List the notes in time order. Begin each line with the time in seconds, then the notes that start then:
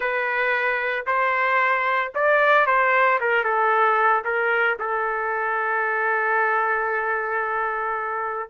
0.00 B4
1.06 C5
2.14 D5
2.66 C5
3.20 A#4
3.44 A4
4.24 A#4
4.79 A4